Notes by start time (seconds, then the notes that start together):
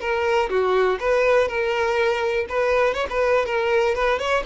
0.00 A#4
0.49 F#4
0.99 B4
1.48 A#4
2.48 B4
2.94 C#5
3.10 B4
3.45 A#4
3.95 B4
4.18 C#5